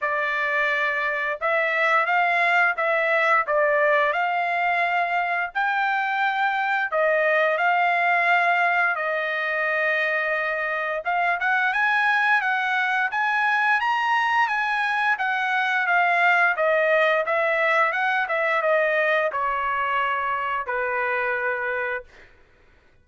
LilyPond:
\new Staff \with { instrumentName = "trumpet" } { \time 4/4 \tempo 4 = 87 d''2 e''4 f''4 | e''4 d''4 f''2 | g''2 dis''4 f''4~ | f''4 dis''2. |
f''8 fis''8 gis''4 fis''4 gis''4 | ais''4 gis''4 fis''4 f''4 | dis''4 e''4 fis''8 e''8 dis''4 | cis''2 b'2 | }